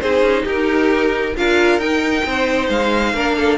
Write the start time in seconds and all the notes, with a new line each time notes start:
0.00 C4 D#4 G#4 C5
0.22 C#4
0.43 D#4 G4 A#4
1.36 D4 F4 A#4 F5
1.78 D#4 G5
2.25 C4 C5
2.69 G#3 F5
3.13 A#3 D4 A#4
3.36 A4